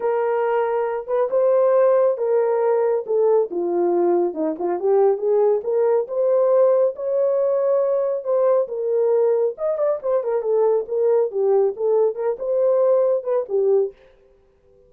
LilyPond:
\new Staff \with { instrumentName = "horn" } { \time 4/4 \tempo 4 = 138 ais'2~ ais'8 b'8 c''4~ | c''4 ais'2 a'4 | f'2 dis'8 f'8 g'4 | gis'4 ais'4 c''2 |
cis''2. c''4 | ais'2 dis''8 d''8 c''8 ais'8 | a'4 ais'4 g'4 a'4 | ais'8 c''2 b'8 g'4 | }